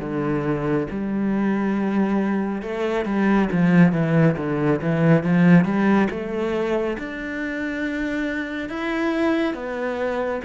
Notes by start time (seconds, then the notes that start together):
0.00 D3
0.90 G3
2.62 A3
3.05 G3
3.52 F3
3.92 E3
4.36 D3
4.81 E3
5.23 F3
5.64 G3
6.10 A3
6.98 D4
8.69 E4
9.54 B3